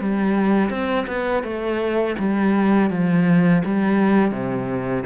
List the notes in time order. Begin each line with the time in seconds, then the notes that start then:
0.00 G3
0.70 C4
1.07 B3
1.43 A3
2.19 G3
2.90 F3
3.65 G3
4.31 C3